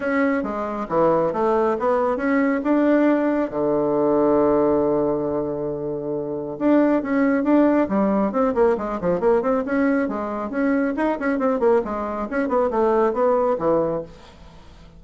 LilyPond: \new Staff \with { instrumentName = "bassoon" } { \time 4/4 \tempo 4 = 137 cis'4 gis4 e4 a4 | b4 cis'4 d'2 | d1~ | d2. d'4 |
cis'4 d'4 g4 c'8 ais8 | gis8 f8 ais8 c'8 cis'4 gis4 | cis'4 dis'8 cis'8 c'8 ais8 gis4 | cis'8 b8 a4 b4 e4 | }